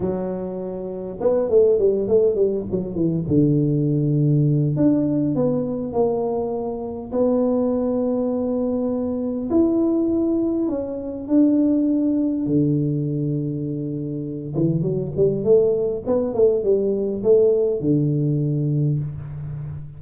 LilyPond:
\new Staff \with { instrumentName = "tuba" } { \time 4/4 \tempo 4 = 101 fis2 b8 a8 g8 a8 | g8 fis8 e8 d2~ d8 | d'4 b4 ais2 | b1 |
e'2 cis'4 d'4~ | d'4 d2.~ | d8 e8 fis8 g8 a4 b8 a8 | g4 a4 d2 | }